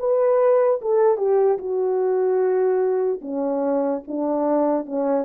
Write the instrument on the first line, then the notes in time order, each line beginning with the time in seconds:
horn
0.00 B4
0.82 A4
1.18 G4
1.58 F#4
3.22 C#4
4.08 D4
4.86 C#4